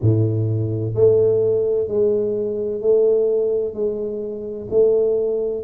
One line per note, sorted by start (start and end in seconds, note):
0.01 0.94 A2
0.94 1.87 A3
1.87 2.81 G#3
2.81 3.73 A3
3.73 4.67 G#3
4.70 5.63 A3